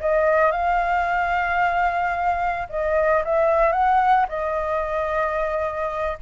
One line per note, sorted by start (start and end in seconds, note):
0.00 0.51 D#5
0.51 2.68 F5
2.69 3.23 D#5
3.25 3.72 E5
3.72 4.26 F#5
4.29 6.18 D#5